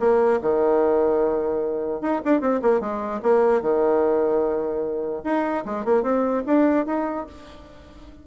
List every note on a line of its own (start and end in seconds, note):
0.00 0.40 A#3
0.42 2.02 D#3
2.02 2.22 D#4
2.25 2.41 D4
2.41 2.61 C4
2.62 2.81 A#3
2.81 3.21 G#3
3.23 3.62 A#3
3.62 5.23 D#3
5.24 5.65 D#4
5.66 5.85 G#3
5.85 6.03 A#3
6.03 6.43 C4
6.47 6.86 D4
6.86 7.27 D#4